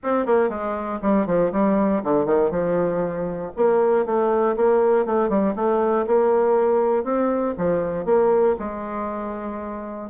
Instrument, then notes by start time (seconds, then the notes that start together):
bassoon
0.03 C4
0.25 A#3
0.49 G#3
1.02 G3
1.26 F3
1.52 G3
2.03 D3
2.25 D#3
2.50 F3
3.56 A#3
4.05 A3
4.56 A#3
5.05 A3
5.29 G3
5.55 A3
6.06 A#3
7.04 C4
7.57 F3
8.05 A#3
8.59 G#3